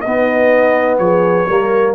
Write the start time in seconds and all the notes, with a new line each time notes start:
0.00 B3 D#4 D#5
0.07 B3
0.98 F3 G#4 C#5
1.46 G3 A#3 A#4